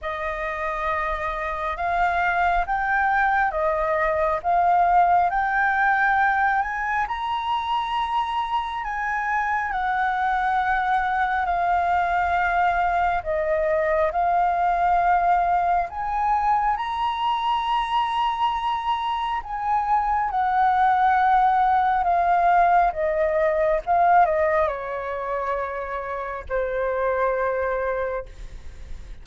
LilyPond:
\new Staff \with { instrumentName = "flute" } { \time 4/4 \tempo 4 = 68 dis''2 f''4 g''4 | dis''4 f''4 g''4. gis''8 | ais''2 gis''4 fis''4~ | fis''4 f''2 dis''4 |
f''2 gis''4 ais''4~ | ais''2 gis''4 fis''4~ | fis''4 f''4 dis''4 f''8 dis''8 | cis''2 c''2 | }